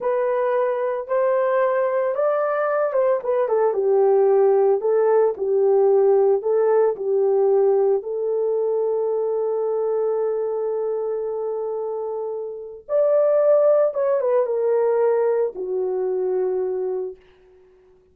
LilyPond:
\new Staff \with { instrumentName = "horn" } { \time 4/4 \tempo 4 = 112 b'2 c''2 | d''4. c''8 b'8 a'8 g'4~ | g'4 a'4 g'2 | a'4 g'2 a'4~ |
a'1~ | a'1 | d''2 cis''8 b'8 ais'4~ | ais'4 fis'2. | }